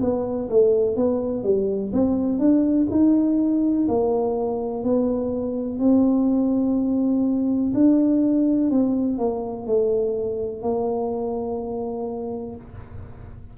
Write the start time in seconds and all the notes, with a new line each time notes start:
0.00 B3
0.49 A3
0.95 B3
1.43 G3
1.92 C4
2.38 D4
2.90 D#4
3.88 A#3
4.83 B3
5.79 C4
7.74 D4
8.70 C4
9.18 A#3
9.66 A3
10.62 A#3